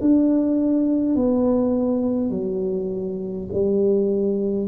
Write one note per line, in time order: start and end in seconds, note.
0.00 1.15 D4
1.15 2.30 B3
2.30 3.48 F#3
3.52 4.67 G3